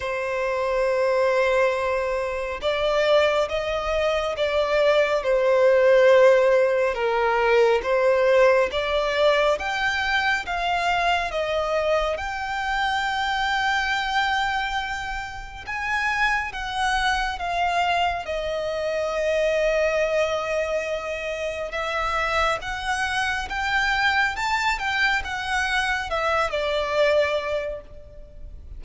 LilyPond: \new Staff \with { instrumentName = "violin" } { \time 4/4 \tempo 4 = 69 c''2. d''4 | dis''4 d''4 c''2 | ais'4 c''4 d''4 g''4 | f''4 dis''4 g''2~ |
g''2 gis''4 fis''4 | f''4 dis''2.~ | dis''4 e''4 fis''4 g''4 | a''8 g''8 fis''4 e''8 d''4. | }